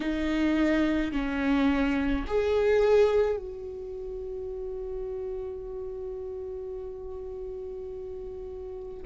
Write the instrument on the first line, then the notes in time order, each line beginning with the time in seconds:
viola
0.00 D#4
1.12 C#4
2.26 G#4
3.37 F#4